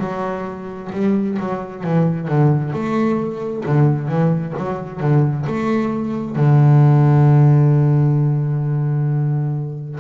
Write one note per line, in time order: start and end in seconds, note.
0.00 0.91 F#3
0.93 1.38 G3
1.39 1.84 F#3
1.84 2.28 E3
2.28 2.73 D3
2.73 3.64 A3
3.66 4.08 D3
4.08 4.54 E3
4.57 5.00 F#3
5.00 5.46 D3
5.47 6.36 A3
6.36 10.00 D3